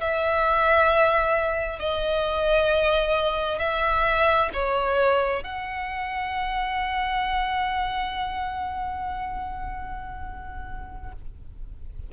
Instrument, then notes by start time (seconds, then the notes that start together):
violin
0.00 E5
1.79 D#5
3.58 E5
4.53 C#5
5.43 F#5